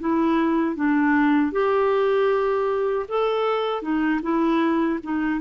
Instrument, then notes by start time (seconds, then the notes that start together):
clarinet
0.00 E4
0.76 D4
1.52 G4
3.08 A4
3.82 D#4
4.22 E4
5.03 D#4